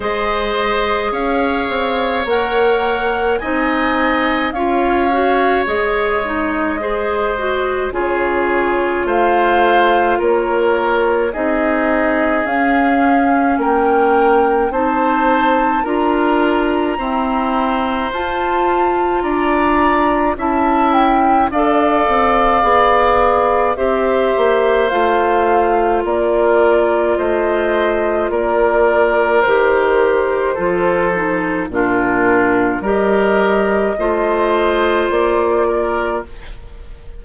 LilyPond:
<<
  \new Staff \with { instrumentName = "flute" } { \time 4/4 \tempo 4 = 53 dis''4 f''4 fis''4 gis''4 | f''4 dis''2 cis''4 | f''4 cis''4 dis''4 f''4 | g''4 a''4 ais''2 |
a''4 ais''4 a''8 g''8 f''4~ | f''4 e''4 f''4 d''4 | dis''4 d''4 c''2 | ais'4 dis''2 d''4 | }
  \new Staff \with { instrumentName = "oboe" } { \time 4/4 c''4 cis''2 dis''4 | cis''2 c''4 gis'4 | c''4 ais'4 gis'2 | ais'4 c''4 ais'4 c''4~ |
c''4 d''4 e''4 d''4~ | d''4 c''2 ais'4 | c''4 ais'2 a'4 | f'4 ais'4 c''4. ais'8 | }
  \new Staff \with { instrumentName = "clarinet" } { \time 4/4 gis'2 ais'4 dis'4 | f'8 fis'8 gis'8 dis'8 gis'8 fis'8 f'4~ | f'2 dis'4 cis'4~ | cis'4 dis'4 f'4 c'4 |
f'2 e'4 a'4 | gis'4 g'4 f'2~ | f'2 g'4 f'8 dis'8 | d'4 g'4 f'2 | }
  \new Staff \with { instrumentName = "bassoon" } { \time 4/4 gis4 cis'8 c'8 ais4 c'4 | cis'4 gis2 cis4 | a4 ais4 c'4 cis'4 | ais4 c'4 d'4 e'4 |
f'4 d'4 cis'4 d'8 c'8 | b4 c'8 ais8 a4 ais4 | a4 ais4 dis4 f4 | ais,4 g4 a4 ais4 | }
>>